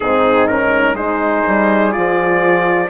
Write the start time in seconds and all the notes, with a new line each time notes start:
0.00 G#2 C4 D#4 G#4
0.47 C#4 A#4
0.93 G#3 D#4 G#4 C5
1.47 G3
1.91 F3 F4 D5